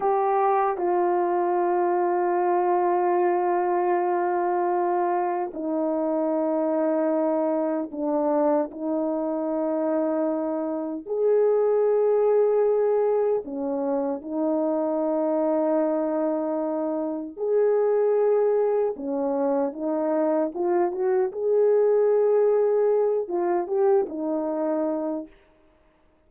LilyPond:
\new Staff \with { instrumentName = "horn" } { \time 4/4 \tempo 4 = 76 g'4 f'2.~ | f'2. dis'4~ | dis'2 d'4 dis'4~ | dis'2 gis'2~ |
gis'4 cis'4 dis'2~ | dis'2 gis'2 | cis'4 dis'4 f'8 fis'8 gis'4~ | gis'4. f'8 g'8 dis'4. | }